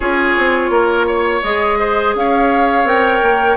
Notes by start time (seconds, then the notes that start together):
0.00 C#4 F4 G#4 C#5
0.37 C4
0.69 A#3 A#4
1.07 C#5
1.42 G#3 G#4 D#5
1.79 C5
2.15 C#4 C#5 F5
2.84 C4 A#4 G5
3.22 A#3